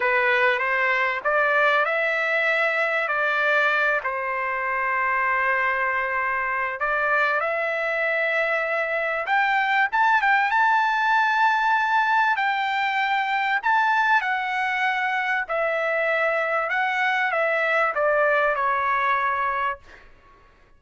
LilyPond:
\new Staff \with { instrumentName = "trumpet" } { \time 4/4 \tempo 4 = 97 b'4 c''4 d''4 e''4~ | e''4 d''4. c''4.~ | c''2. d''4 | e''2. g''4 |
a''8 g''8 a''2. | g''2 a''4 fis''4~ | fis''4 e''2 fis''4 | e''4 d''4 cis''2 | }